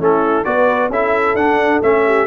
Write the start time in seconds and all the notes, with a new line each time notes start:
0.00 A3 C#4 E4 A4
0.45 B3 F#4 B4 D5
0.89 C#4 E4 A4 E5
1.35 D4 F#5
1.82 A3 C#4 E5
2.06 G4